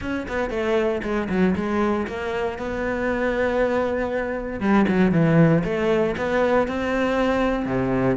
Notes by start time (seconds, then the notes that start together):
0.01 C#4
0.28 B3
0.50 A3
1.02 G#3
1.29 F#3
1.55 G#3
2.07 A#3
2.58 B3
4.60 G3
4.87 F#3
5.11 E3
5.64 A3
6.17 B3
6.67 C4
7.65 C3